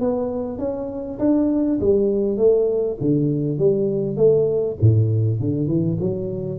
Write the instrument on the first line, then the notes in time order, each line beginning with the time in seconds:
tuba
0.00 B3
0.58 C#4
1.19 D4
1.81 G3
2.37 A3
3.01 D3
3.58 G3
4.16 A3
4.81 A2
5.40 D3
5.67 E3
6.00 F#3